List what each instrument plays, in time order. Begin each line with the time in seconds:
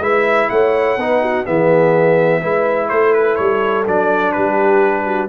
0.00 tuba G#3, trombone E4, horn B4, trumpet E5
0.50 tuba A3, horn C#5, trumpet F#5
0.97 tuba B3, trombone D#4, horn B4
1.22 horn F#4
1.46 tuba E3, trombone B3, horn G#4, trumpet E5
2.40 tuba G#3, trombone E4, horn B4
2.89 tuba A3, horn A4, trumpet C5
3.13 trumpet B4
3.36 tuba G3, trumpet C#5
3.87 tuba F#3, trombone D4, trumpet D5
4.32 tuba G3, horn G4, trumpet B4
5.05 horn F#4